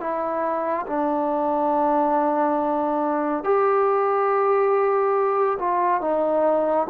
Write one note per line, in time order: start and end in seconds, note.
0.00 0.86 E4
0.86 3.43 D4
3.43 5.58 G4
5.59 6.01 F4
6.01 6.86 D#4